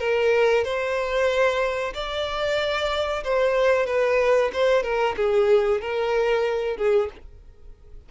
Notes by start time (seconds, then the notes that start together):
0.00 A#4
0.65 C5
1.94 D5
3.24 C5
3.87 B4
4.53 C5
4.83 A#4
5.17 G#4
5.82 A#4
6.77 G#4